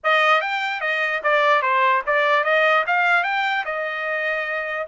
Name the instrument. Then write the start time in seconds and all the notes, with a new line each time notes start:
trumpet
0.03 D#5
0.41 G5
0.81 D#5
1.23 D5
1.62 C5
2.06 D5
2.43 D#5
2.86 F5
3.23 G5
3.65 D#5